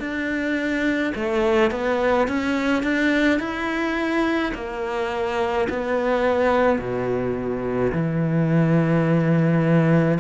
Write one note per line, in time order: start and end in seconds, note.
0.00 1.13 D4
1.15 1.71 A3
1.71 2.28 B3
2.28 2.84 C#4
2.84 3.40 D4
3.40 4.53 E4
4.55 5.68 A#3
5.70 6.79 B3
6.79 7.92 B2
7.93 10.19 E3